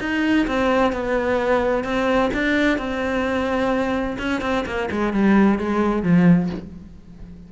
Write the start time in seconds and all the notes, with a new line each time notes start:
0.00 D#4
0.47 C4
0.92 B3
1.84 C4
2.33 D4
2.78 C4
4.18 C#4
4.41 C4
4.66 A#3
4.91 G#3
5.13 G3
5.59 G#3
6.03 F3